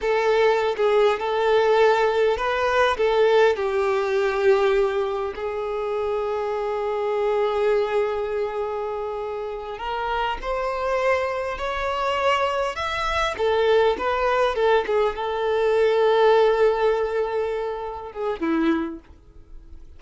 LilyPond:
\new Staff \with { instrumentName = "violin" } { \time 4/4 \tempo 4 = 101 a'4~ a'16 gis'8. a'2 | b'4 a'4 g'2~ | g'4 gis'2.~ | gis'1~ |
gis'8 ais'4 c''2 cis''8~ | cis''4. e''4 a'4 b'8~ | b'8 a'8 gis'8 a'2~ a'8~ | a'2~ a'8 gis'8 e'4 | }